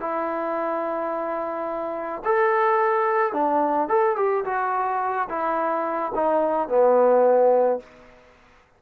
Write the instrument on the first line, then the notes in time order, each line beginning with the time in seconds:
trombone
0.00 E4
2.24 A4
3.33 D4
3.88 A4
4.16 G4
4.44 F#4
5.29 E4
6.15 D#4
6.68 B3